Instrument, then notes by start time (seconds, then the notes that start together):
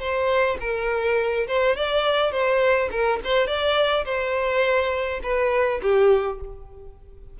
violin
0.00 C5
0.61 A#4
1.48 C5
1.76 D5
2.32 C5
2.91 A#4
3.24 C5
3.47 D5
4.05 C5
5.23 B4
5.82 G4